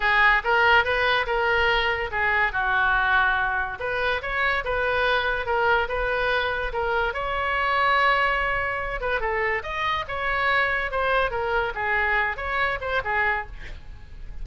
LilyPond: \new Staff \with { instrumentName = "oboe" } { \time 4/4 \tempo 4 = 143 gis'4 ais'4 b'4 ais'4~ | ais'4 gis'4 fis'2~ | fis'4 b'4 cis''4 b'4~ | b'4 ais'4 b'2 |
ais'4 cis''2.~ | cis''4. b'8 a'4 dis''4 | cis''2 c''4 ais'4 | gis'4. cis''4 c''8 gis'4 | }